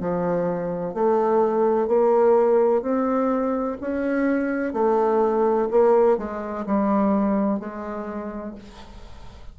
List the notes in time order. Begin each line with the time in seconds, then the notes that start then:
0.00 F3
0.94 A3
1.88 A#3
2.82 C4
3.81 C#4
4.74 A3
5.71 A#3
6.18 G#3
6.66 G3
7.60 G#3